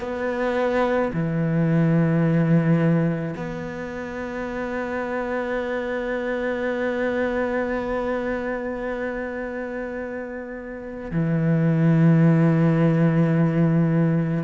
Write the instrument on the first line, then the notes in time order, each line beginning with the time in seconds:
cello
0.00 B3
1.13 E3
3.36 B3
11.11 E3